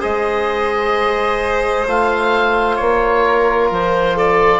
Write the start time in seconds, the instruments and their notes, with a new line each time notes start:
0.00 bassoon G#3, trombone G#4, violin C5, oboe D#5
1.87 bassoon A3, trombone F4, oboe F5
2.76 bassoon A#3, oboe C#5
3.25 violin A#4
3.71 bassoon F3, oboe C5
4.16 violin A4, oboe D5